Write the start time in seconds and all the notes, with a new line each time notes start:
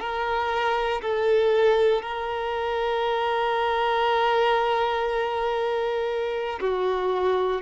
0.00 A#4
1.02 A4
2.02 A#4
6.61 F#4